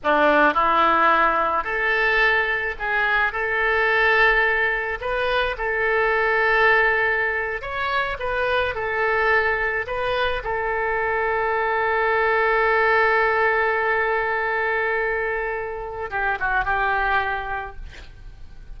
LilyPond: \new Staff \with { instrumentName = "oboe" } { \time 4/4 \tempo 4 = 108 d'4 e'2 a'4~ | a'4 gis'4 a'2~ | a'4 b'4 a'2~ | a'4.~ a'16 cis''4 b'4 a'16~ |
a'4.~ a'16 b'4 a'4~ a'16~ | a'1~ | a'1~ | a'4 g'8 fis'8 g'2 | }